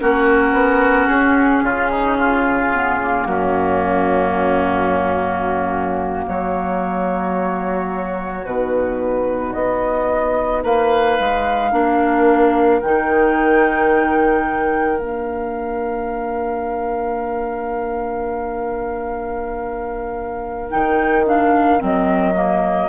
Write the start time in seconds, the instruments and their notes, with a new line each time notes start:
0.00 bassoon A#3, clarinet C#4, oboe F#4, flute A#4
0.53 bassoon B3
1.08 bassoon C#4, flute G#4
1.63 bassoon C#3, oboe F4
1.91 oboe D#4
2.19 oboe F4
2.73 clarinet B3
3.01 clarinet A#3
3.26 bassoon F#2, oboe C#4, flute F#4
6.25 bassoon F#3, oboe F#4, flute C#5
8.46 bassoon B2, clarinet D#4, flute B4
9.54 bassoon B3, flute D#5
10.63 bassoon A#3, oboe B4, flute F5
11.20 bassoon G#3
11.72 bassoon A#3, clarinet D4, oboe A#4
12.82 bassoon D#3, clarinet D#4, flute G5
14.97 bassoon A#3, clarinet D4, flute F5
20.70 bassoon D#3, clarinet D#4, flute G5
21.26 clarinet D4, flute F5
21.79 bassoon F#3, clarinet C4, flute D#5
22.35 clarinet A#3